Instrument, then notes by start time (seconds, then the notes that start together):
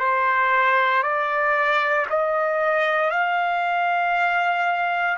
trumpet
0.00 C5
1.03 D5
2.10 D#5
3.11 F5